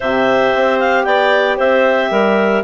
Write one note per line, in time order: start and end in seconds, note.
0.00 0.54 C3
0.00 2.63 G4
0.00 1.04 C5
0.00 0.79 E5
0.54 1.05 C4
0.79 1.04 F5
1.04 1.58 B3
1.04 1.57 D5
1.04 1.57 G5
1.57 2.11 C4
1.57 2.10 C5
1.57 2.63 E5
2.11 2.63 G3
2.11 2.63 A#4